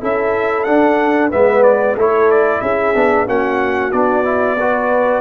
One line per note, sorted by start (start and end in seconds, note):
0.00 0.66 C#4
0.00 0.66 E4
0.00 1.30 A4
0.00 0.64 E5
0.64 1.32 D4
0.64 1.29 F#5
1.30 1.96 G#3
1.30 1.97 B3
1.30 1.96 B4
1.30 1.63 E5
1.63 1.96 D5
1.96 2.62 A3
1.96 2.94 E4
1.96 2.61 A4
1.96 2.31 C#5
2.31 2.61 D5
2.61 2.94 C#4
2.61 3.27 G#4
2.61 3.26 E5
2.94 3.27 B3
2.94 3.27 D4
3.27 3.93 A#3
3.27 3.92 C#4
3.27 4.57 F#4
3.27 3.92 F#5
3.92 5.21 B3
3.92 4.24 D4
3.92 5.21 D5
4.24 4.57 E4
4.59 5.21 F#4
4.59 5.21 B4